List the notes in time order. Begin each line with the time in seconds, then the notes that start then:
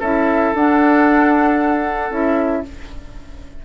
0.00 C#4 E4 A4 E5
0.54 D4 F#5
2.11 C#4 E4 E5